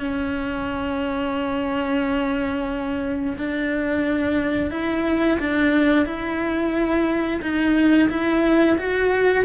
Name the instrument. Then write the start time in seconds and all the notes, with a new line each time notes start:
cello
0.00 C#4
3.38 D4
4.71 E4
5.40 D4
6.06 E4
7.42 D#4
8.10 E4
8.78 F#4